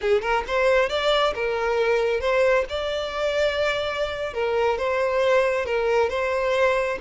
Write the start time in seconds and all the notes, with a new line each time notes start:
0.01 G#4
0.21 A#4
0.47 C5
0.89 D5
1.34 A#4
2.20 C5
2.69 D5
4.33 A#4
4.78 C5
5.65 A#4
6.09 C5